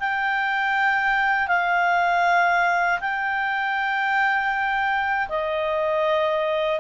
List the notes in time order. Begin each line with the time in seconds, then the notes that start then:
0.00 G5
1.48 F5
3.01 G5
5.29 D#5